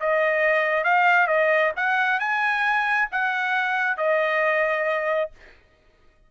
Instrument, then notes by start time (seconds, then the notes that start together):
trumpet
0.00 D#5
0.84 F5
1.27 D#5
1.77 F#5
2.20 G#5
3.12 F#5
3.97 D#5